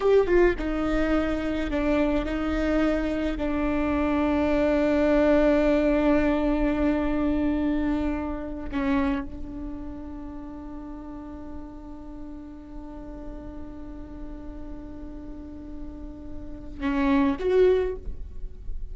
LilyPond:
\new Staff \with { instrumentName = "viola" } { \time 4/4 \tempo 4 = 107 g'8 f'8 dis'2 d'4 | dis'2 d'2~ | d'1~ | d'2.~ d'8 cis'8~ |
cis'8 d'2.~ d'8~ | d'1~ | d'1~ | d'2 cis'4 fis'4 | }